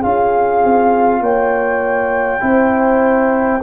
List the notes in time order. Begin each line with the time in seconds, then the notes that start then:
0.00 C#4 F4 G#4 F5
0.65 C4
1.20 A#3 C#5 G5
2.41 C4 E4 C5